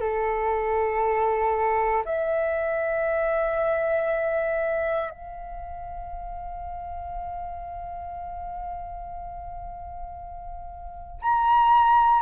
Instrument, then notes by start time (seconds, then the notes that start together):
flute
0.00 A4
2.05 E5
5.10 F5
11.21 A#5